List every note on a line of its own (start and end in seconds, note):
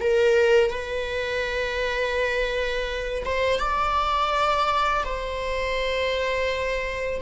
0.00 0.70 A#4
0.70 3.23 B4
3.25 3.59 C5
3.59 5.04 D5
5.04 7.21 C5